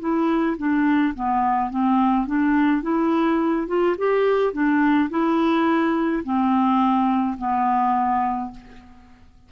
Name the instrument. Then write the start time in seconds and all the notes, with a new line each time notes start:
clarinet
0.00 E4
0.58 D4
1.15 B3
1.70 C4
2.27 D4
2.83 E4
3.67 F4
3.98 G4
4.53 D4
5.10 E4
6.24 C4
7.38 B3